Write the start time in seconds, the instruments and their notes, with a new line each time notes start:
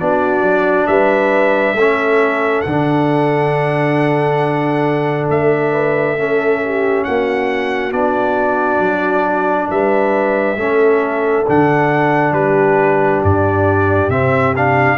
0.00 tuba B3, trombone D4, horn F#4, trumpet D5
0.42 tuba F#3
0.87 tuba G3, horn B4, trumpet E5
1.74 tuba A3, trombone C#4, horn A4
2.62 tuba D3, trombone D4, trumpet F#5
5.29 tuba A3, trumpet E5
5.72 horn B4
6.18 trombone C#4, horn A4
6.64 horn G4
7.04 tuba A#3, horn F#4, trumpet F#5
7.92 tuba B3, trombone D4, trumpet D5
8.80 tuba F#3
9.70 tuba G3, horn B4, trumpet E5
10.57 tuba A3, trombone C#4, horn A4
11.47 tuba D3, trombone D4, trumpet F#5
12.32 tuba G3, horn G4, trumpet B4
13.24 tuba G2, trumpet D5
14.09 tuba C3, trombone C4, trumpet E5
14.56 trombone D4, trumpet F5